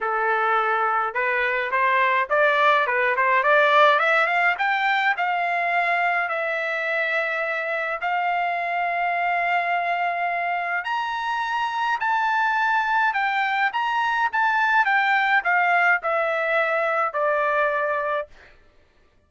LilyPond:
\new Staff \with { instrumentName = "trumpet" } { \time 4/4 \tempo 4 = 105 a'2 b'4 c''4 | d''4 b'8 c''8 d''4 e''8 f''8 | g''4 f''2 e''4~ | e''2 f''2~ |
f''2. ais''4~ | ais''4 a''2 g''4 | ais''4 a''4 g''4 f''4 | e''2 d''2 | }